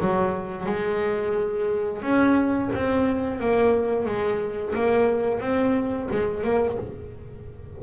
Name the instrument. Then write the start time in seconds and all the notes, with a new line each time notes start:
double bass
0.00 F#3
0.66 G#3
2.02 C#4
2.74 C4
3.40 A#3
4.05 G#3
4.74 A#3
5.40 C4
6.11 G#3
6.43 A#3